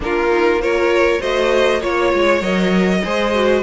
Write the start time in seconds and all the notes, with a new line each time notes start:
0.00 A#3 D4 F4 A#4
0.31 D#4
0.61 F4 A#4 C#5
1.20 A3 F#4 C5 D#5
1.80 A#3 F4 C#5
2.13 G#3
2.41 F#3 A#4 D#5
3.04 G#3 G#4 C5
3.34 F#4